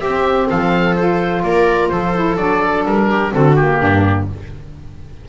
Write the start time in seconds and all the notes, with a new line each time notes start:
0.00 C4 G4 E5
0.49 F3 A4 F5
0.95 F4 C5
1.42 A#3 A#4 D5
1.89 F3 A4 C5
2.15 E4
2.37 F#3 D4 D5
2.85 G3 A#4
3.10 G4
3.31 D3 C4 F#4 A4
3.55 A#3 G4
3.81 G2 D4